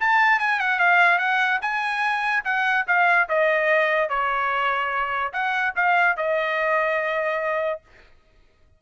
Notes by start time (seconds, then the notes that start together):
0.00 A5
0.39 G#5
0.59 F#5
0.79 F5
1.18 F#5
1.61 G#5
2.44 F#5
2.87 F5
3.28 D#5
4.09 C#5
5.33 F#5
5.76 F5
6.16 D#5